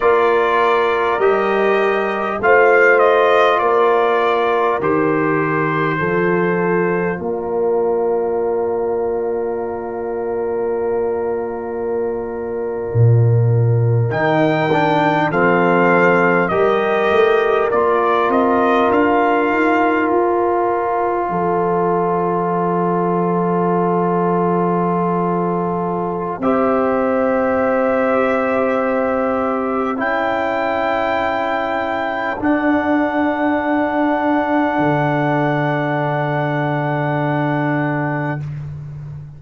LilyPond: <<
  \new Staff \with { instrumentName = "trumpet" } { \time 4/4 \tempo 4 = 50 d''4 dis''4 f''8 dis''8 d''4 | c''2 d''2~ | d''2.~ d''8. g''16~ | g''8. f''4 dis''4 d''8 dis''8 f''16~ |
f''8. c''2.~ c''16~ | c''2 e''2~ | e''4 g''2 fis''4~ | fis''1 | }
  \new Staff \with { instrumentName = "horn" } { \time 4/4 ais'2 c''4 ais'4~ | ais'4 a'4 ais'2~ | ais'1~ | ais'8. a'4 ais'2~ ais'16~ |
ais'4.~ ais'16 a'2~ a'16~ | a'2 c''2~ | c''4 a'2.~ | a'1 | }
  \new Staff \with { instrumentName = "trombone" } { \time 4/4 f'4 g'4 f'2 | g'4 f'2.~ | f'2.~ f'8. dis'16~ | dis'16 d'8 c'4 g'4 f'4~ f'16~ |
f'1~ | f'2 g'2~ | g'4 e'2 d'4~ | d'1 | }
  \new Staff \with { instrumentName = "tuba" } { \time 4/4 ais4 g4 a4 ais4 | dis4 f4 ais2~ | ais2~ ais8. ais,4 dis16~ | dis8. f4 g8 a8 ais8 c'8 d'16~ |
d'16 dis'8 f'4 f2~ f16~ | f2 c'2~ | c'4 cis'2 d'4~ | d'4 d2. | }
>>